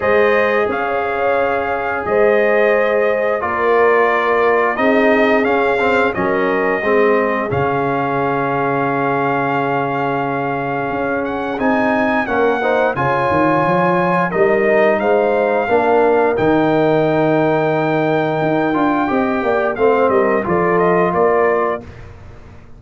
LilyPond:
<<
  \new Staff \with { instrumentName = "trumpet" } { \time 4/4 \tempo 4 = 88 dis''4 f''2 dis''4~ | dis''4 d''2 dis''4 | f''4 dis''2 f''4~ | f''1~ |
f''8 fis''8 gis''4 fis''4 gis''4~ | gis''4 dis''4 f''2 | g''1~ | g''4 f''8 dis''8 d''8 dis''8 d''4 | }
  \new Staff \with { instrumentName = "horn" } { \time 4/4 c''4 cis''2 c''4~ | c''4 ais'2 gis'4~ | gis'4 ais'4 gis'2~ | gis'1~ |
gis'2 ais'8 c''8 cis''4~ | cis''4 ais'4 c''4 ais'4~ | ais'1 | dis''8 d''8 c''8 ais'8 a'4 ais'4 | }
  \new Staff \with { instrumentName = "trombone" } { \time 4/4 gis'1~ | gis'4 f'2 dis'4 | cis'8 c'8 cis'4 c'4 cis'4~ | cis'1~ |
cis'4 dis'4 cis'8 dis'8 f'4~ | f'4 dis'2 d'4 | dis'2.~ dis'8 f'8 | g'4 c'4 f'2 | }
  \new Staff \with { instrumentName = "tuba" } { \time 4/4 gis4 cis'2 gis4~ | gis4 ais2 c'4 | cis'4 fis4 gis4 cis4~ | cis1 |
cis'4 c'4 ais4 cis8 dis8 | f4 g4 gis4 ais4 | dis2. dis'8 d'8 | c'8 ais8 a8 g8 f4 ais4 | }
>>